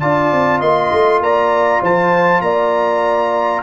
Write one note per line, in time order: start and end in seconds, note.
0.00 0.32 D4
0.00 3.63 F4
0.00 0.60 D5
0.00 0.61 A5
0.32 0.61 C4
0.60 0.91 A#3
0.60 1.20 D#5
0.60 1.22 C6
0.93 1.21 A3
1.21 1.81 A#3
1.21 1.82 D5
1.21 1.84 A#5
1.82 2.41 F3
1.82 2.43 C5
1.82 2.42 A5
2.41 3.62 A#3
2.41 3.63 D5
2.41 3.63 A#5